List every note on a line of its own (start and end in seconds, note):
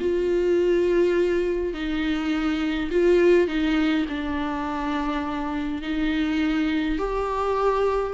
0.00 1.74 F4
1.74 2.90 D#4
2.91 3.47 F4
3.47 4.06 D#4
4.09 5.82 D4
5.82 6.98 D#4
6.98 8.14 G4